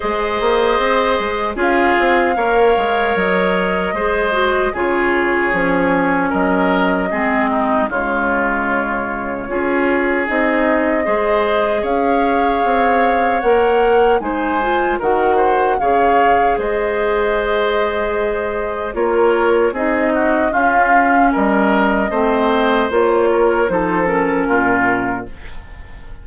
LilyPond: <<
  \new Staff \with { instrumentName = "flute" } { \time 4/4 \tempo 4 = 76 dis''2 f''2 | dis''2 cis''2 | dis''2 cis''2~ | cis''4 dis''2 f''4~ |
f''4 fis''4 gis''4 fis''4 | f''4 dis''2. | cis''4 dis''4 f''4 dis''4~ | dis''4 cis''4 c''8 ais'4. | }
  \new Staff \with { instrumentName = "oboe" } { \time 4/4 c''2 gis'4 cis''4~ | cis''4 c''4 gis'2 | ais'4 gis'8 dis'8 f'2 | gis'2 c''4 cis''4~ |
cis''2 c''4 ais'8 c''8 | cis''4 c''2. | ais'4 gis'8 fis'8 f'4 ais'4 | c''4. ais'8 a'4 f'4 | }
  \new Staff \with { instrumentName = "clarinet" } { \time 4/4 gis'2 f'4 ais'4~ | ais'4 gis'8 fis'8 f'4 cis'4~ | cis'4 c'4 gis2 | f'4 dis'4 gis'2~ |
gis'4 ais'4 dis'8 f'8 fis'4 | gis'1 | f'4 dis'4 cis'2 | c'4 f'4 dis'8 cis'4. | }
  \new Staff \with { instrumentName = "bassoon" } { \time 4/4 gis8 ais8 c'8 gis8 cis'8 c'8 ais8 gis8 | fis4 gis4 cis4 f4 | fis4 gis4 cis2 | cis'4 c'4 gis4 cis'4 |
c'4 ais4 gis4 dis4 | cis4 gis2. | ais4 c'4 cis'4 g4 | a4 ais4 f4 ais,4 | }
>>